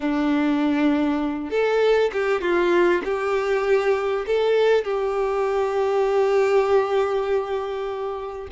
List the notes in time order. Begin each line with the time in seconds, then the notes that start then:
0.00 D4
1.50 A4
2.12 G4
2.41 F4
3.04 G4
4.26 A4
4.84 G4